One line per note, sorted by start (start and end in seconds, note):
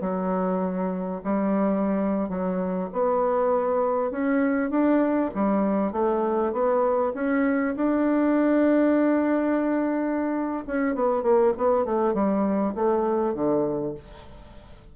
0.00 1.21 F#3
1.23 2.29 G3
2.29 2.89 F#3
2.92 4.11 B3
4.11 4.70 C#4
4.70 5.30 D4
5.34 5.92 G3
5.92 6.52 A3
6.52 7.13 B3
7.14 7.74 C#4
7.76 10.64 D4
10.67 10.94 C#4
10.94 11.22 B3
11.22 11.52 A#3
11.57 11.85 B3
11.85 12.13 A3
12.13 12.74 G3
12.74 13.34 A3
13.34 13.94 D3